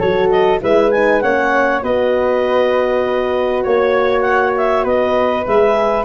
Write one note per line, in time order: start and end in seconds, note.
0.00 0.61 F#3
0.00 0.61 F#4
0.00 0.61 A4
0.00 0.30 C#5
0.31 0.61 D#5
0.61 1.24 G#3
0.61 0.91 E4
0.61 1.23 B4
0.61 0.92 E5
0.92 1.22 D#4
0.92 1.21 G#5
1.21 1.84 A#3
1.21 1.82 C#4
1.21 1.83 C#5
1.21 1.82 F#5
1.82 3.65 B3
1.82 5.46 F#4
1.82 3.64 B4
1.82 3.65 D#5
3.64 4.85 A#3
3.64 4.84 C#5
3.64 4.22 C#5
4.22 4.52 F#5
4.57 4.86 E5
4.84 5.46 B3
4.84 6.06 B4
4.84 5.47 D#5
5.47 6.06 G#3
5.47 6.06 G#4
5.47 6.06 E5